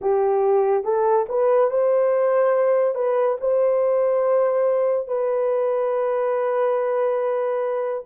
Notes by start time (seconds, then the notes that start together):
0.01 G4
0.83 A4
1.29 B4
1.70 C5
2.94 B4
3.40 C5
5.07 B4